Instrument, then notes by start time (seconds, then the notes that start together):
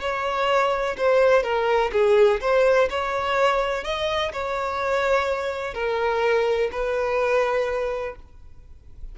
violin
0.00 C#5
0.97 C5
1.43 A#4
1.92 G#4
2.40 C5
2.89 C#5
3.84 D#5
4.32 C#5
5.74 A#4
6.71 B4